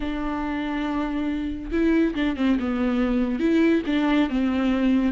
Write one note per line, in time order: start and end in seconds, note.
0.00 1.70 D4
1.71 2.14 E4
2.14 2.36 D4
2.36 2.58 C4
2.59 3.39 B3
3.39 3.82 E4
3.86 4.29 D4
4.29 5.12 C4